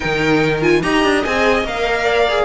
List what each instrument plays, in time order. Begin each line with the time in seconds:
0.00 cello D#3, viola D#4, violin A#4 G5
0.61 viola F4, violin G#5
0.82 cello D#4, viola G4, violin D#5 A#5
1.03 cello D4
1.23 cello C4, viola G#4, violin G#5
1.63 cello A#3, viola A#4, violin F5
2.03 violin D5
2.28 viola G#4